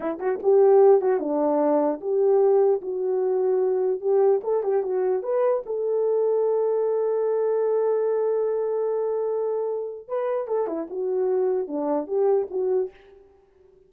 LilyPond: \new Staff \with { instrumentName = "horn" } { \time 4/4 \tempo 4 = 149 e'8 fis'8 g'4. fis'8 d'4~ | d'4 g'2 fis'4~ | fis'2 g'4 a'8 g'8 | fis'4 b'4 a'2~ |
a'1~ | a'1~ | a'4 b'4 a'8 e'8 fis'4~ | fis'4 d'4 g'4 fis'4 | }